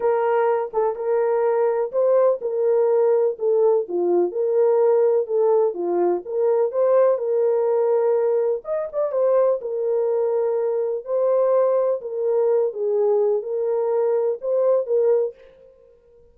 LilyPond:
\new Staff \with { instrumentName = "horn" } { \time 4/4 \tempo 4 = 125 ais'4. a'8 ais'2 | c''4 ais'2 a'4 | f'4 ais'2 a'4 | f'4 ais'4 c''4 ais'4~ |
ais'2 dis''8 d''8 c''4 | ais'2. c''4~ | c''4 ais'4. gis'4. | ais'2 c''4 ais'4 | }